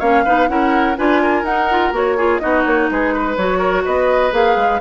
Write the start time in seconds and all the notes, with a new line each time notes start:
0.00 A#3 C#4 C#5 F5
0.25 B3 D#4 B4
0.49 C#4 E4 A#4 F#5
0.97 D4 F4 B4 G#5
1.23 A#4
1.44 D#4 F#5
1.71 F4
1.93 A#3 F#4 C#5
2.18 F4 G#4
2.39 B3 D#4 F#4 D#5
2.65 A#3 C#5
2.91 G#3 G#4 B4
3.14 B4
3.37 F#3 F#4 C#5
3.58 A#4
3.85 B3 B4 D#5
4.31 A#3 G#4 F5
4.57 G#3